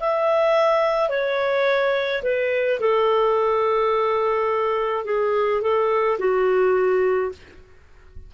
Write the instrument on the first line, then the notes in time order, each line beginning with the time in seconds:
clarinet
0.00 E5
1.09 C#5
2.23 B4
2.80 A4
5.05 G#4
5.61 A4
6.19 F#4